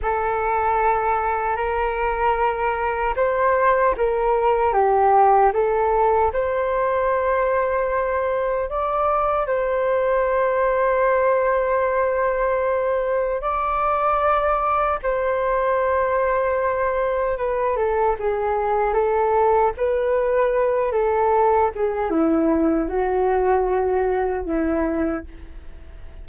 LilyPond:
\new Staff \with { instrumentName = "flute" } { \time 4/4 \tempo 4 = 76 a'2 ais'2 | c''4 ais'4 g'4 a'4 | c''2. d''4 | c''1~ |
c''4 d''2 c''4~ | c''2 b'8 a'8 gis'4 | a'4 b'4. a'4 gis'8 | e'4 fis'2 e'4 | }